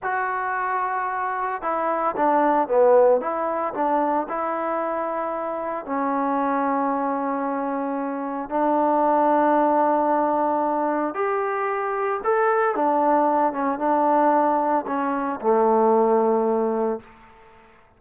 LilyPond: \new Staff \with { instrumentName = "trombone" } { \time 4/4 \tempo 4 = 113 fis'2. e'4 | d'4 b4 e'4 d'4 | e'2. cis'4~ | cis'1 |
d'1~ | d'4 g'2 a'4 | d'4. cis'8 d'2 | cis'4 a2. | }